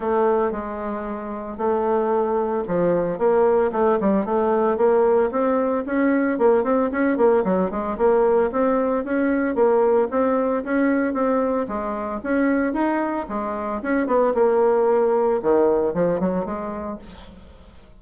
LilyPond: \new Staff \with { instrumentName = "bassoon" } { \time 4/4 \tempo 4 = 113 a4 gis2 a4~ | a4 f4 ais4 a8 g8 | a4 ais4 c'4 cis'4 | ais8 c'8 cis'8 ais8 fis8 gis8 ais4 |
c'4 cis'4 ais4 c'4 | cis'4 c'4 gis4 cis'4 | dis'4 gis4 cis'8 b8 ais4~ | ais4 dis4 f8 fis8 gis4 | }